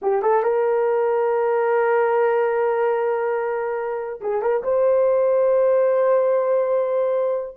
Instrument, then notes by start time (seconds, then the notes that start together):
horn
0.02 G4
0.22 A4
0.43 A#4
4.21 G#4
4.42 A#4
4.63 C5